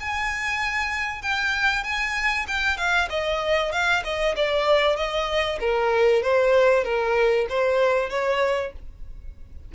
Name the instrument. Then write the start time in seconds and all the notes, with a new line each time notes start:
violin
0.00 G#5
1.22 G5
1.84 G#5
2.48 G5
2.77 F5
3.10 D#5
3.72 F5
4.04 D#5
4.36 D5
4.97 D#5
5.60 A#4
6.22 C5
6.84 A#4
7.49 C5
8.10 C#5